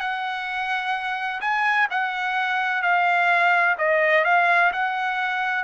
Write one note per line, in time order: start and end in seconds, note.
0.00 1.41 F#5
1.41 1.88 G#5
1.90 2.83 F#5
2.83 3.76 F5
3.78 4.25 D#5
4.25 4.72 F5
4.73 5.64 F#5